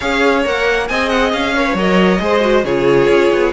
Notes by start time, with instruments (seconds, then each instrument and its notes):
0.00 cello C#4, viola G#4, violin C#5 F5
0.44 cello A#3, viola A#4, violin F#5
0.87 cello C4, viola G#4, violin D#5 G#5
1.09 violin F#5
1.32 cello C#4, violin F5
1.55 viola A#4, violin C#5
1.65 viola B4
1.74 cello F#3, viola A#4, violin D#5
2.19 cello G#3, viola G#4, violin C5
2.40 viola F#4
2.63 cello C#3, viola F4, violin G#4 C#5
3.08 cello C#4
3.32 cello B3